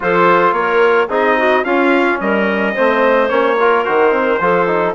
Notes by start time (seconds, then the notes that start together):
0.00 F3 F4 A4 C5
0.52 A#3 C#5
0.59 A#4
1.08 C4 D#4 G#4 D#5
1.37 F#4
1.64 C#4 F4 F5
2.20 G3 A#4 D#5
2.74 A3 C4 C5
3.28 A#3 C#4 C#5
3.59 F4 A#4
3.85 D#3 F#4 C5
4.11 C4
4.39 F3 F4 A4
4.67 D#4